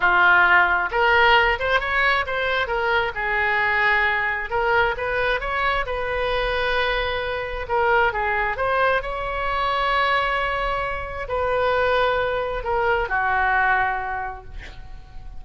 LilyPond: \new Staff \with { instrumentName = "oboe" } { \time 4/4 \tempo 4 = 133 f'2 ais'4. c''8 | cis''4 c''4 ais'4 gis'4~ | gis'2 ais'4 b'4 | cis''4 b'2.~ |
b'4 ais'4 gis'4 c''4 | cis''1~ | cis''4 b'2. | ais'4 fis'2. | }